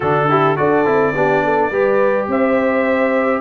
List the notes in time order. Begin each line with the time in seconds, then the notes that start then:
0.00 D3 D4 F#4 A4
0.29 E4 G4
0.56 D4 F#4 A4 D5
0.85 C4 E4
1.14 B3 D4 G4
1.44 A4
1.70 G3 G4 B4
2.27 C4 C5 E5